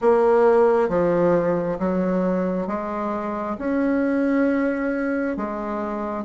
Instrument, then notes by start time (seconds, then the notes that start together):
bassoon
0.01 A#3
0.88 F3
1.79 F#3
2.67 G#3
3.58 C#4
5.36 G#3